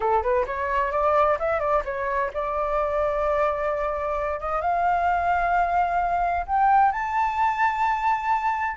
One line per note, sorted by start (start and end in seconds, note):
0.00 0.22 A4
0.22 0.45 B4
0.46 0.91 C#5
0.91 1.37 D5
1.39 1.59 E5
1.59 1.82 D5
1.84 2.31 C#5
2.33 4.40 D5
4.40 4.61 D#5
4.61 6.46 F5
6.46 6.92 G5
6.92 8.76 A5